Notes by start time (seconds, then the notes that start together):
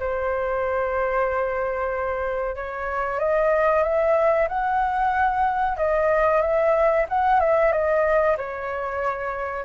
0.00 C5
2.56 C#5
3.19 D#5
3.84 E5
4.49 F#5
5.77 D#5
6.42 E5
7.09 F#5
7.40 E5
7.72 D#5
8.38 C#5